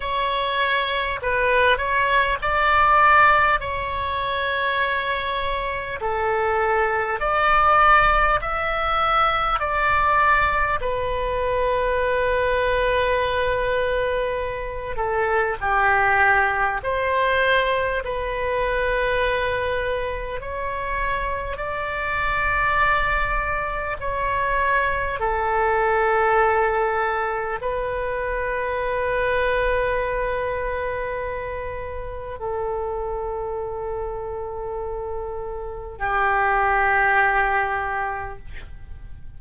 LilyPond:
\new Staff \with { instrumentName = "oboe" } { \time 4/4 \tempo 4 = 50 cis''4 b'8 cis''8 d''4 cis''4~ | cis''4 a'4 d''4 e''4 | d''4 b'2.~ | b'8 a'8 g'4 c''4 b'4~ |
b'4 cis''4 d''2 | cis''4 a'2 b'4~ | b'2. a'4~ | a'2 g'2 | }